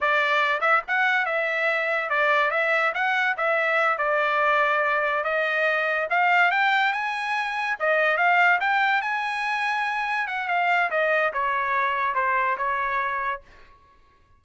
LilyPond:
\new Staff \with { instrumentName = "trumpet" } { \time 4/4 \tempo 4 = 143 d''4. e''8 fis''4 e''4~ | e''4 d''4 e''4 fis''4 | e''4. d''2~ d''8~ | d''8 dis''2 f''4 g''8~ |
g''8 gis''2 dis''4 f''8~ | f''8 g''4 gis''2~ gis''8~ | gis''8 fis''8 f''4 dis''4 cis''4~ | cis''4 c''4 cis''2 | }